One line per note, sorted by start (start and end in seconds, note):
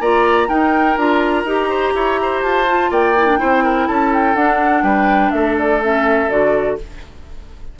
0.00 0.48 A#3
0.00 0.48 F4
0.00 0.48 D5
0.00 0.49 A#5
0.48 0.96 D#4
0.48 1.69 A#4
0.48 0.97 G5
0.96 1.44 D4
0.96 1.46 F4
0.96 2.42 A#5
1.44 1.92 D#4
1.44 2.67 G4
1.69 1.93 C5
1.94 2.42 E4
1.94 2.19 C#5
2.22 2.90 C5
2.42 2.91 F4
2.42 2.91 A5
2.67 3.15 F4
2.90 3.39 A#3
2.90 3.39 D5
2.90 3.87 G5
3.17 3.26 E4
3.26 3.38 D4
3.38 3.88 C4
3.38 4.35 E4
3.38 3.63 C5
3.64 3.87 A#4
3.87 4.34 C#4
3.87 4.83 A4
3.87 4.11 A5
4.13 4.35 G5
4.34 4.82 D4
4.34 5.81 D4
4.34 4.83 F#5
4.82 5.31 G3
4.82 5.32 B4
4.82 5.31 G5
5.31 6.29 A3
5.31 6.79 A4
5.31 5.55 E5
5.58 5.82 D5
5.81 6.29 C#4
5.81 6.30 E5
6.29 6.78 D3
6.29 6.77 F#4
6.29 6.78 D5